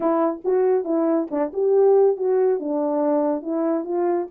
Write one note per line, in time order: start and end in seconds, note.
0.00 0.41 E4
0.44 0.84 F#4
0.84 1.27 E4
1.31 1.52 D4
1.53 2.16 G4
2.16 2.59 F#4
2.59 3.41 D4
3.41 3.84 E4
3.84 4.27 F4